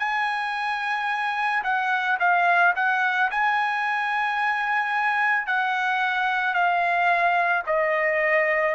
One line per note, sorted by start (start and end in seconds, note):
0.00 1.64 G#5
1.64 2.19 F#5
2.20 2.75 F5
2.76 3.31 F#5
3.32 5.47 G#5
5.47 6.55 F#5
6.55 7.64 F5
7.67 8.76 D#5